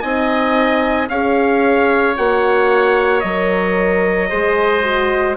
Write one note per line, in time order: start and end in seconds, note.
0.00 1.09 C4
0.00 1.09 D#4
0.00 1.08 D#5
0.00 1.07 G#5
1.09 2.16 C#4
1.09 2.16 G#4
1.09 4.29 C#5
1.09 2.16 F5
2.16 3.24 A#3
2.16 3.23 F#4
2.16 3.20 F#5
3.20 4.31 F#3
3.20 5.34 D#5
3.26 4.30 A#4
4.29 5.36 G#3
4.29 4.83 G#4
4.29 5.36 C5
4.83 5.36 F#4